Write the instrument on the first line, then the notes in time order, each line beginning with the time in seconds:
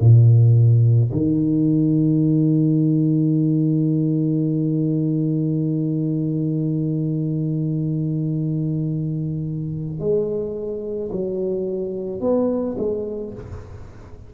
tuba
0.00 A#2
1.12 D#3
9.99 G#3
11.12 F#3
12.21 B3
12.78 G#3